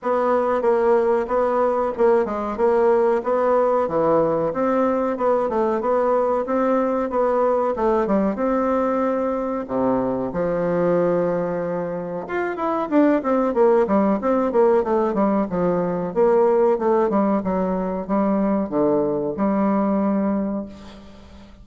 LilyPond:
\new Staff \with { instrumentName = "bassoon" } { \time 4/4 \tempo 4 = 93 b4 ais4 b4 ais8 gis8 | ais4 b4 e4 c'4 | b8 a8 b4 c'4 b4 | a8 g8 c'2 c4 |
f2. f'8 e'8 | d'8 c'8 ais8 g8 c'8 ais8 a8 g8 | f4 ais4 a8 g8 fis4 | g4 d4 g2 | }